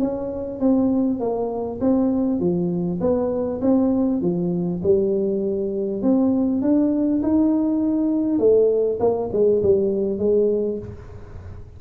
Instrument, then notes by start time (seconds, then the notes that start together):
tuba
0.00 C#4
0.60 C4
1.20 A#3
1.81 C4
2.40 F3
3.01 B3
3.62 C4
4.22 F3
4.83 G3
6.02 C4
6.62 D4
7.23 D#4
8.39 A3
9.00 A#3
9.33 G#3
9.63 G3
10.19 G#3